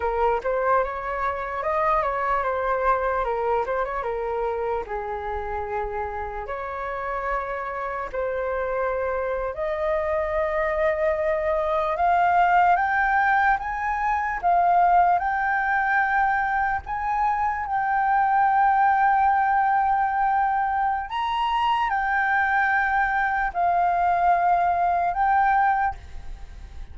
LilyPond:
\new Staff \with { instrumentName = "flute" } { \time 4/4 \tempo 4 = 74 ais'8 c''8 cis''4 dis''8 cis''8 c''4 | ais'8 c''16 cis''16 ais'4 gis'2 | cis''2 c''4.~ c''16 dis''16~ | dis''2~ dis''8. f''4 g''16~ |
g''8. gis''4 f''4 g''4~ g''16~ | g''8. gis''4 g''2~ g''16~ | g''2 ais''4 g''4~ | g''4 f''2 g''4 | }